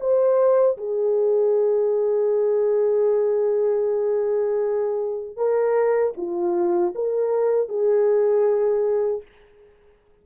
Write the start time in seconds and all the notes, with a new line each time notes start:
0.00 C5
0.77 G#4
5.37 A#4
6.17 F4
6.95 A#4
7.69 G#4